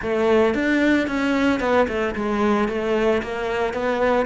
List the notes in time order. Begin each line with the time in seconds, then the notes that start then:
0.02 A3
0.54 D4
1.07 C#4
1.59 B3
1.87 A3
2.15 G#3
2.68 A3
3.22 A#3
3.73 B3